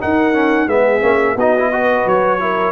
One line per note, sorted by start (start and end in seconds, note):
0.00 0.33 D#4
0.00 0.67 D#4
0.00 0.68 A#4
0.00 0.69 F#5
0.33 0.68 C#4
0.67 1.02 G#3
0.67 1.01 B3
0.67 1.35 G#4
0.67 1.38 E5
1.01 1.35 A#3
1.01 1.36 C#4
1.35 2.04 B3
1.35 1.58 D#4
1.35 1.70 F#4
1.35 2.08 D#5
1.58 1.72 E4
1.72 2.40 F#4
1.72 2.41 B4
2.06 2.72 F#3
2.06 2.72 C#5
2.40 2.72 E4
2.40 2.72 A#4